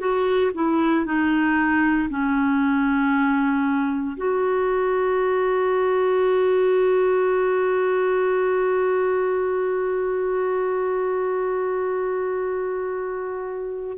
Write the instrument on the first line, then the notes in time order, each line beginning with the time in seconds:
clarinet
0.00 F#4
0.55 E4
1.06 D#4
2.10 C#4
4.17 F#4